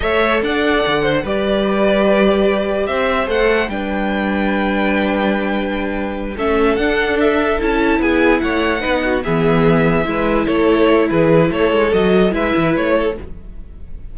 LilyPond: <<
  \new Staff \with { instrumentName = "violin" } { \time 4/4 \tempo 4 = 146 e''4 fis''2 d''4~ | d''2. e''4 | fis''4 g''2.~ | g''2.~ g''8 e''8~ |
e''8 fis''4 e''4 a''4 gis''8~ | gis''8 fis''2 e''4.~ | e''4. cis''4. b'4 | cis''4 dis''4 e''4 cis''4 | }
  \new Staff \with { instrumentName = "violin" } { \time 4/4 cis''4 d''4. c''8 b'4~ | b'2. c''4~ | c''4 b'2.~ | b'2.~ b'8 a'8~ |
a'2.~ a'8 gis'8~ | gis'8 cis''4 b'8 fis'8 gis'4.~ | gis'8 b'4 a'4. gis'4 | a'2 b'4. a'8 | }
  \new Staff \with { instrumentName = "viola" } { \time 4/4 a'2. g'4~ | g'1 | a'4 d'2.~ | d'2.~ d'8 cis'8~ |
cis'8 d'2 e'4.~ | e'4. dis'4 b4.~ | b8 e'2.~ e'8~ | e'4 fis'4 e'2 | }
  \new Staff \with { instrumentName = "cello" } { \time 4/4 a4 d'4 d4 g4~ | g2. c'4 | a4 g2.~ | g2.~ g8 a8~ |
a8 d'2 cis'4 b8~ | b8 a4 b4 e4.~ | e8 gis4 a4. e4 | a8 gis8 fis4 gis8 e8 a4 | }
>>